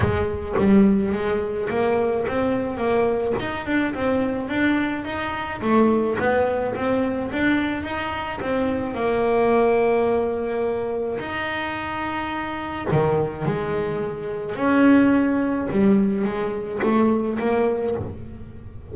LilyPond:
\new Staff \with { instrumentName = "double bass" } { \time 4/4 \tempo 4 = 107 gis4 g4 gis4 ais4 | c'4 ais4 dis'8 d'8 c'4 | d'4 dis'4 a4 b4 | c'4 d'4 dis'4 c'4 |
ais1 | dis'2. dis4 | gis2 cis'2 | g4 gis4 a4 ais4 | }